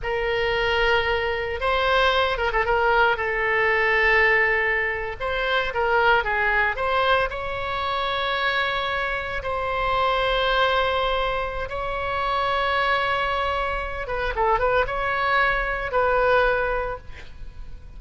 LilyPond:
\new Staff \with { instrumentName = "oboe" } { \time 4/4 \tempo 4 = 113 ais'2. c''4~ | c''8 ais'16 a'16 ais'4 a'2~ | a'4.~ a'16 c''4 ais'4 gis'16~ | gis'8. c''4 cis''2~ cis''16~ |
cis''4.~ cis''16 c''2~ c''16~ | c''2 cis''2~ | cis''2~ cis''8 b'8 a'8 b'8 | cis''2 b'2 | }